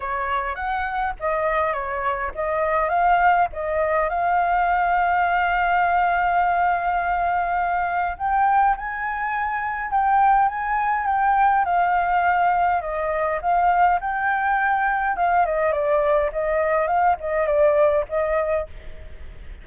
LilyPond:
\new Staff \with { instrumentName = "flute" } { \time 4/4 \tempo 4 = 103 cis''4 fis''4 dis''4 cis''4 | dis''4 f''4 dis''4 f''4~ | f''1~ | f''2 g''4 gis''4~ |
gis''4 g''4 gis''4 g''4 | f''2 dis''4 f''4 | g''2 f''8 dis''8 d''4 | dis''4 f''8 dis''8 d''4 dis''4 | }